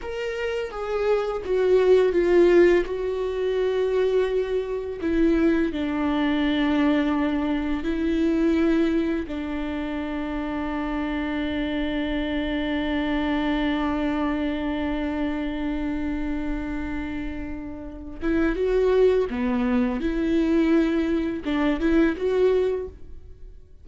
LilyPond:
\new Staff \with { instrumentName = "viola" } { \time 4/4 \tempo 4 = 84 ais'4 gis'4 fis'4 f'4 | fis'2. e'4 | d'2. e'4~ | e'4 d'2.~ |
d'1~ | d'1~ | d'4. e'8 fis'4 b4 | e'2 d'8 e'8 fis'4 | }